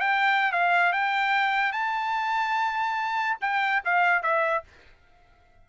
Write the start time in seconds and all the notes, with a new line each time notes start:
0.00 G5
0.52 F5
0.92 G5
1.72 A5
3.41 G5
3.85 F5
4.22 E5